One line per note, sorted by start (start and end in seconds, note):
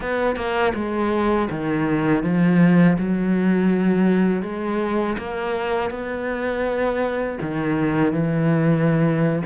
0.00 0.35 B3
0.35 0.72 A#3
0.74 1.48 G#3
1.50 2.23 D#3
2.23 2.97 F3
2.98 4.42 F#3
4.42 5.16 G#3
5.18 5.90 A#3
5.90 7.38 B3
7.41 8.12 D#3
8.12 9.42 E3